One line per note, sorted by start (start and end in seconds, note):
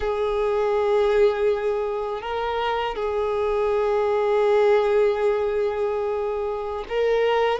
0.00 2.21 G#4
2.21 2.95 A#4
2.95 6.84 G#4
6.89 7.59 A#4